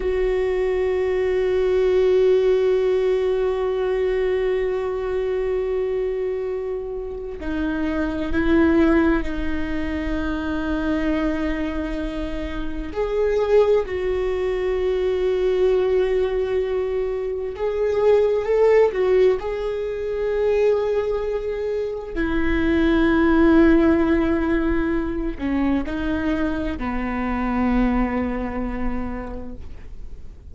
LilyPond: \new Staff \with { instrumentName = "viola" } { \time 4/4 \tempo 4 = 65 fis'1~ | fis'1 | dis'4 e'4 dis'2~ | dis'2 gis'4 fis'4~ |
fis'2. gis'4 | a'8 fis'8 gis'2. | e'2.~ e'8 cis'8 | dis'4 b2. | }